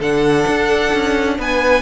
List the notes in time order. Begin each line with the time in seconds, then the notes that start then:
0.00 D3 D4 A4 F#5
0.47 D4
0.93 C#4
1.39 B3 B4 G#5